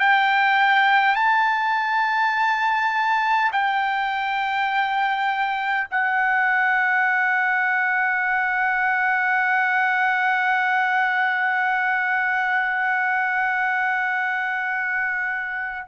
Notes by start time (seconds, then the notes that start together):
0.00 G5
1.16 A5
3.52 G5
5.91 F#5